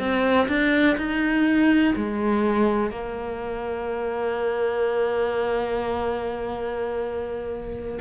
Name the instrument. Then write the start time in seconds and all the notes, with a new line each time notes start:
cello
0.00 C4
0.49 D4
0.98 D#4
1.96 G#3
2.91 A#3